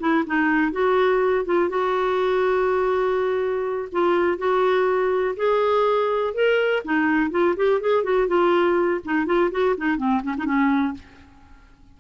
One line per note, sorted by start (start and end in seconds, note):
0.00 0.24 E4
0.26 0.72 D#4
0.72 1.45 F#4
1.45 1.70 F4
1.70 3.89 F#4
3.92 4.38 F4
4.38 5.35 F#4
5.37 6.34 G#4
6.34 6.83 A#4
6.84 7.31 D#4
7.31 7.55 F4
7.57 7.81 G4
7.81 8.04 G#4
8.04 8.28 F#4
8.28 9.01 F4
9.05 9.26 D#4
9.26 9.51 F4
9.51 9.76 F#4
9.77 9.97 D#4
9.97 10.22 C4
10.23 10.35 C#4
10.38 10.45 D#4
10.45 10.94 C#4